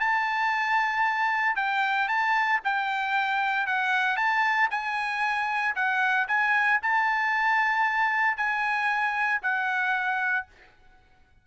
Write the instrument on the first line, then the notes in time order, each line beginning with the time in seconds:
trumpet
0.00 A5
1.56 G5
2.08 A5
2.64 G5
3.67 F#5
4.16 A5
4.71 G#5
5.75 F#5
6.28 G#5
6.82 A5
8.37 G#5
9.42 F#5